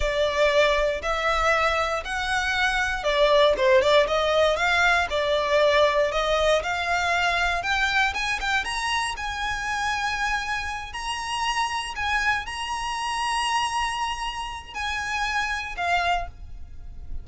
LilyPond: \new Staff \with { instrumentName = "violin" } { \time 4/4 \tempo 4 = 118 d''2 e''2 | fis''2 d''4 c''8 d''8 | dis''4 f''4 d''2 | dis''4 f''2 g''4 |
gis''8 g''8 ais''4 gis''2~ | gis''4. ais''2 gis''8~ | gis''8 ais''2.~ ais''8~ | ais''4 gis''2 f''4 | }